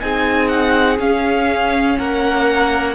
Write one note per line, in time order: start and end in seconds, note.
0.00 0.99 C4
0.00 0.98 D#4
0.00 1.98 G#4
0.00 0.48 G#5
0.48 0.97 F#5
0.99 1.97 C#4
0.99 2.94 C#4
0.99 1.98 F5
1.98 2.94 A#3
1.98 2.94 A#4
1.98 2.94 F#5